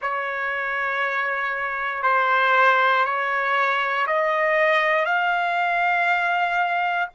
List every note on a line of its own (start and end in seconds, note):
0.01 2.02 C#5
2.02 3.04 C5
3.04 4.06 C#5
4.07 5.05 D#5
5.05 7.08 F5